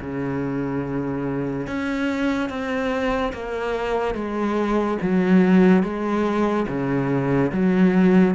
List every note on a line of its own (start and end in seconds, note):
0.00 1.66 C#3
1.66 2.49 C#4
2.49 3.32 C4
3.33 4.14 A#3
4.14 4.97 G#3
5.02 5.83 F#3
5.83 6.66 G#3
6.67 7.51 C#3
7.51 8.34 F#3